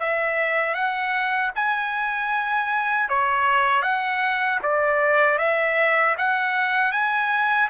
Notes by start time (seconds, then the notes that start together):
0.00 E5
0.74 F#5
1.56 G#5
3.09 C#5
3.83 F#5
4.63 D5
5.38 E5
6.18 F#5
6.92 G#5